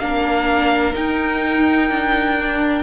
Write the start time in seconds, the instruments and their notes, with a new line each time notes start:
0.00 cello A#3, viola D4, violin A#4 F5
0.93 viola D#4, cello D#4, violin G5
1.90 cello D4
2.40 viola D4